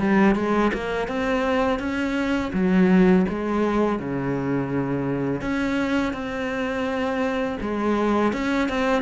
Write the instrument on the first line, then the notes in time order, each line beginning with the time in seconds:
cello
0.00 G3
0.36 G#3
0.74 A#3
1.08 C4
1.80 C#4
2.54 F#3
3.29 G#3
4.00 C#3
5.42 C#4
6.13 C4
7.61 G#3
8.33 C#4
8.69 C4